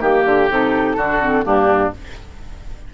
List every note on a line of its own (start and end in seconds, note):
0.00 0.24 D#3
0.00 0.49 A#3
0.00 0.96 G4
0.00 0.50 G4
0.25 0.49 D3
0.50 0.96 C3
0.50 0.98 D#4
0.50 1.44 A4
0.96 1.44 D3
0.96 1.21 D4
0.96 1.45 F#4
1.21 1.43 C4
1.43 1.92 G2
1.43 1.91 A#3
1.43 1.94 D4
1.43 1.92 G4